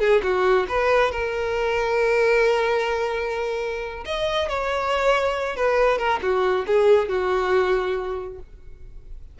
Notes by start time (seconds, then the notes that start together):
0.00 G#4
0.23 F#4
0.69 B4
1.11 A#4
4.06 D#5
4.49 C#5
5.56 B4
5.98 A#4
6.22 F#4
6.67 G#4
7.09 F#4